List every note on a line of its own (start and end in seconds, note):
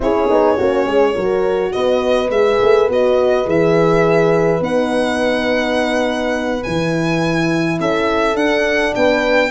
0.00 0.28 C#4
0.00 0.27 E4
0.00 0.57 G#4
0.00 1.72 C#5
0.27 0.58 B3
0.27 0.56 D#4
0.57 0.86 A#3
0.57 1.13 C#4
0.57 0.86 F#4
0.86 1.14 G#3
0.86 1.14 G#4
1.13 1.74 F#3
1.13 2.28 F#4
1.13 1.72 A#4
1.72 2.29 B3
1.72 7.80 B4
1.72 2.30 D#5
2.29 2.58 G#3
2.29 2.89 G#4
2.29 2.88 E5
2.62 2.88 A3
2.88 3.46 B3
2.88 3.44 F#4
2.88 3.49 D#5
3.44 4.60 E3
3.44 4.60 G#4
3.44 4.63 E5
4.60 6.62 B3
4.60 6.63 D#4
4.60 6.63 F#5
6.63 7.79 E3
6.63 8.36 E4
6.63 7.78 G#5
7.79 8.34 C#4
7.79 8.95 A4
7.79 8.36 E5
8.34 8.92 D4
8.34 9.50 D4
8.34 8.94 F#5
8.95 9.50 B3
8.95 9.50 B4
8.95 9.50 G5